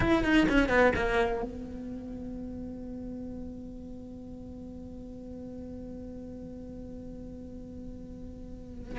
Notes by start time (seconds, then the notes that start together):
0.00 E4
0.23 D#4
0.48 C#4
0.68 B3
0.95 A#3
1.42 B3